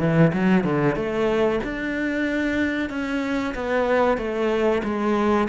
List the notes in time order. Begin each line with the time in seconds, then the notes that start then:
0.00 E3
0.33 F#3
0.65 D3
0.96 A3
1.64 D4
2.90 C#4
3.55 B3
4.18 A3
4.84 G#3